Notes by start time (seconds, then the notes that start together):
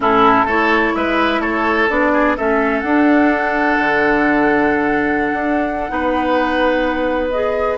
0.00 A2 C#4 E4 A4
0.44 A3 E4 A4 C#5
0.95 G#3 B4 E5
1.39 A3 A4 C#5
1.89 B3 D4 D5
2.12 G#4
2.37 A3 C#4 A4 E5
2.79 D4 F#5
3.78 D3
5.32 D4
5.88 B3 D#4 B4
7.30 G#4 D#5